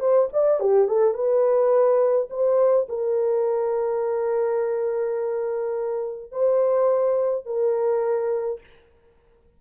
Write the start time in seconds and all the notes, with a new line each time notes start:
0.00 C5
0.33 D5
0.60 G4
0.88 A4
1.14 B4
2.30 C5
2.89 A#4
6.32 C5
7.46 A#4